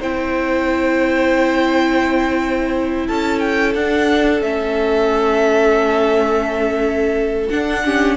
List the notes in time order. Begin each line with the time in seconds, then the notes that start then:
0.00 C4 E4 C5 G5
3.07 C#4 A4 A5
3.39 G5
3.75 D4 F#5
4.42 A3 C#4 E5
7.49 D4 F#5
7.85 C#4 G4